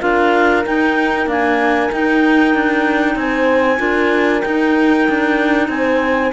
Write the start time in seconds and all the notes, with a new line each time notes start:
0.00 D4 F4 A#4 F5
0.65 D#4 G5
1.26 A#3 D4 G#5
1.92 D#4 G5
2.55 D4
3.15 C4 C5 G#5
3.77 D4 F4 A#4
4.41 D#4 G5
5.09 D4
5.68 C4 C5 G#5